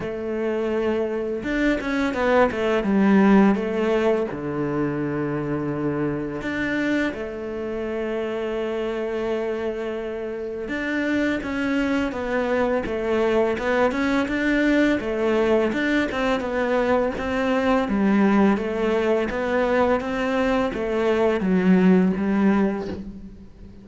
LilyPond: \new Staff \with { instrumentName = "cello" } { \time 4/4 \tempo 4 = 84 a2 d'8 cis'8 b8 a8 | g4 a4 d2~ | d4 d'4 a2~ | a2. d'4 |
cis'4 b4 a4 b8 cis'8 | d'4 a4 d'8 c'8 b4 | c'4 g4 a4 b4 | c'4 a4 fis4 g4 | }